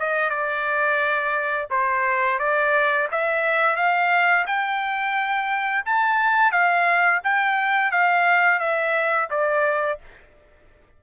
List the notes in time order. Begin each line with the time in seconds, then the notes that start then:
0.00 D#5
0.30 D5
1.71 C5
2.39 D5
3.12 E5
3.77 F5
4.47 G5
5.86 A5
6.52 F5
7.24 G5
7.92 F5
8.60 E5
9.30 D5